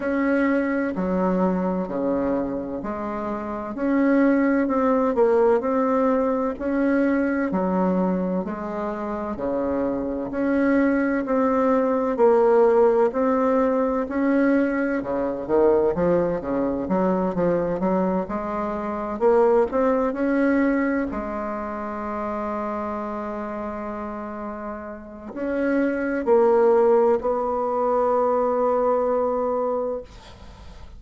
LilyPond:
\new Staff \with { instrumentName = "bassoon" } { \time 4/4 \tempo 4 = 64 cis'4 fis4 cis4 gis4 | cis'4 c'8 ais8 c'4 cis'4 | fis4 gis4 cis4 cis'4 | c'4 ais4 c'4 cis'4 |
cis8 dis8 f8 cis8 fis8 f8 fis8 gis8~ | gis8 ais8 c'8 cis'4 gis4.~ | gis2. cis'4 | ais4 b2. | }